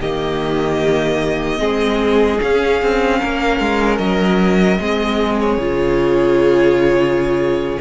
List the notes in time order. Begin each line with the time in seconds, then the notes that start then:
0.00 D#3 A#3 G4 D#5
1.58 G#3 C4 G#4
2.39 C#4 F5
2.82 C4
3.19 A#3 A#4
3.60 G#3
3.97 F#3 D#5
4.79 G#3 C4 G#4
5.40 C#5
5.57 C#3 F4